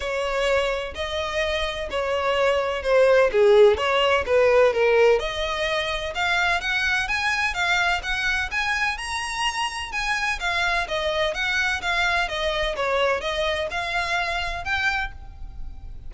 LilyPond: \new Staff \with { instrumentName = "violin" } { \time 4/4 \tempo 4 = 127 cis''2 dis''2 | cis''2 c''4 gis'4 | cis''4 b'4 ais'4 dis''4~ | dis''4 f''4 fis''4 gis''4 |
f''4 fis''4 gis''4 ais''4~ | ais''4 gis''4 f''4 dis''4 | fis''4 f''4 dis''4 cis''4 | dis''4 f''2 g''4 | }